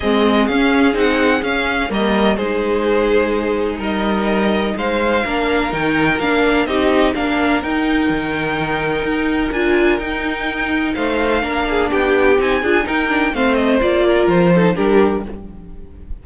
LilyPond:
<<
  \new Staff \with { instrumentName = "violin" } { \time 4/4 \tempo 4 = 126 dis''4 f''4 fis''4 f''4 | dis''4 c''2. | dis''2 f''2 | g''4 f''4 dis''4 f''4 |
g''1 | gis''4 g''2 f''4~ | f''4 g''4 gis''4 g''4 | f''8 dis''8 d''4 c''4 ais'4 | }
  \new Staff \with { instrumentName = "violin" } { \time 4/4 gis'1 | ais'4 gis'2. | ais'2 c''4 ais'4~ | ais'2 g'4 ais'4~ |
ais'1~ | ais'2. c''4 | ais'8 gis'8 g'4. gis'8 ais'4 | c''4. ais'4 a'8 g'4 | }
  \new Staff \with { instrumentName = "viola" } { \time 4/4 c'4 cis'4 dis'4 cis'4 | ais4 dis'2.~ | dis'2. d'4 | dis'4 d'4 dis'4 d'4 |
dis'1 | f'4 dis'2. | d'2 dis'8 f'8 dis'8 d'8 | c'4 f'4. dis'8 d'4 | }
  \new Staff \with { instrumentName = "cello" } { \time 4/4 gis4 cis'4 c'4 cis'4 | g4 gis2. | g2 gis4 ais4 | dis4 ais4 c'4 ais4 |
dis'4 dis2 dis'4 | d'4 dis'2 a4 | ais4 b4 c'8 d'8 dis'4 | a4 ais4 f4 g4 | }
>>